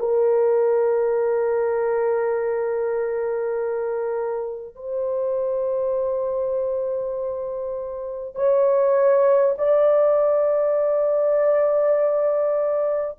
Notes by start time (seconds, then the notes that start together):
0.00 A#4
4.76 C5
8.36 C#5
9.59 D5